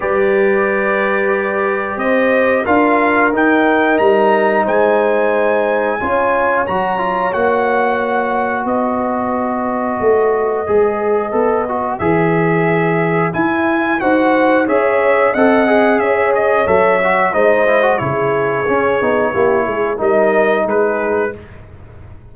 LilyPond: <<
  \new Staff \with { instrumentName = "trumpet" } { \time 4/4 \tempo 4 = 90 d''2. dis''4 | f''4 g''4 ais''4 gis''4~ | gis''2 ais''4 fis''4~ | fis''4 dis''2.~ |
dis''2 e''2 | gis''4 fis''4 e''4 fis''4 | e''8 dis''8 e''4 dis''4 cis''4~ | cis''2 dis''4 b'4 | }
  \new Staff \with { instrumentName = "horn" } { \time 4/4 b'2. c''4 | ais'2. c''4~ | c''4 cis''2.~ | cis''4 b'2.~ |
b'1~ | b'4 c''4 cis''4 dis''4 | cis''2 c''4 gis'4~ | gis'4 g'8 gis'8 ais'4 gis'4 | }
  \new Staff \with { instrumentName = "trombone" } { \time 4/4 g'1 | f'4 dis'2.~ | dis'4 f'4 fis'8 f'8 fis'4~ | fis'1 |
gis'4 a'8 fis'8 gis'2 | e'4 fis'4 gis'4 a'8 gis'8~ | gis'4 a'8 fis'8 dis'8 e'16 fis'16 e'4 | cis'8 dis'8 e'4 dis'2 | }
  \new Staff \with { instrumentName = "tuba" } { \time 4/4 g2. c'4 | d'4 dis'4 g4 gis4~ | gis4 cis'4 fis4 ais4~ | ais4 b2 a4 |
gis4 b4 e2 | e'4 dis'4 cis'4 c'4 | cis'4 fis4 gis4 cis4 | cis'8 b8 ais8 gis8 g4 gis4 | }
>>